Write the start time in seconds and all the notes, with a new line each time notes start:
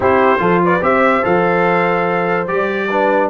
0.00 C4 E4 G4 C5
0.38 F3 F4 A4
0.64 B4 D5
0.81 C4 G4 C5 E5
1.22 F3 A4 F5
2.47 G3 G4 D5
2.90 D4 B4